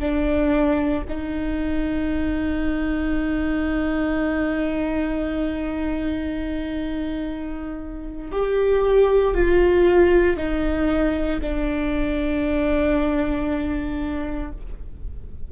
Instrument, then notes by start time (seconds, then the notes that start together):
viola
0.00 D4
1.09 D#4
8.32 G4
9.35 F4
10.37 D#4
11.42 D4